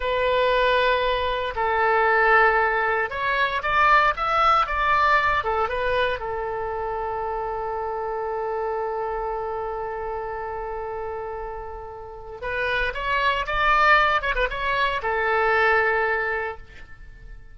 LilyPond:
\new Staff \with { instrumentName = "oboe" } { \time 4/4 \tempo 4 = 116 b'2. a'4~ | a'2 cis''4 d''4 | e''4 d''4. a'8 b'4 | a'1~ |
a'1~ | a'1 | b'4 cis''4 d''4. cis''16 b'16 | cis''4 a'2. | }